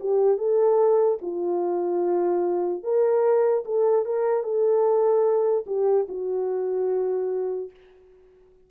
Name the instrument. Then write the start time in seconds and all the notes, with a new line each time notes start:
horn
0.00 G4
0.37 A4
1.21 F4
2.83 A#4
3.65 A4
4.05 A#4
4.43 A4
5.66 G4
6.08 F#4